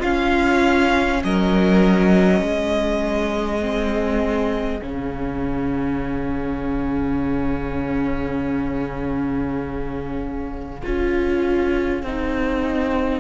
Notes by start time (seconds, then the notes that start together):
0.00 C#4 F4 F5
1.24 F#3 A#4 D#5
2.42 G#3 G#4
3.61 C4
4.82 C#3 C#4 F5
10.83 C#4 F4
12.03 C4 D#4